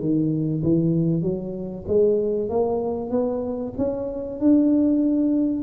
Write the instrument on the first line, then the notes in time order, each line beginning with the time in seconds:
tuba
0.00 D#3
0.63 E3
1.22 F#3
1.88 G#3
2.49 A#3
3.11 B3
3.78 C#4
4.40 D4